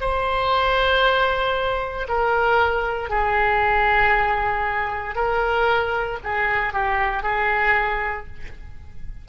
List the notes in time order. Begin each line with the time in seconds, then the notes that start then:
0.00 C5
2.08 A#4
3.09 G#4
5.15 A#4
6.24 G#4
6.73 G4
7.23 G#4